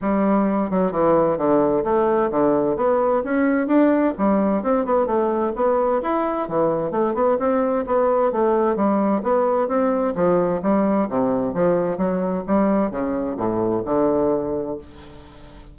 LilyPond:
\new Staff \with { instrumentName = "bassoon" } { \time 4/4 \tempo 4 = 130 g4. fis8 e4 d4 | a4 d4 b4 cis'4 | d'4 g4 c'8 b8 a4 | b4 e'4 e4 a8 b8 |
c'4 b4 a4 g4 | b4 c'4 f4 g4 | c4 f4 fis4 g4 | cis4 a,4 d2 | }